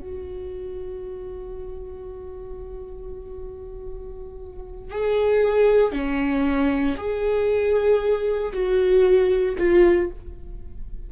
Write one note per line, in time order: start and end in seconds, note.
0.00 4.91 F#4
4.91 5.92 G#4
5.92 6.96 C#4
6.98 8.53 G#4
8.53 9.56 F#4
9.58 10.10 F4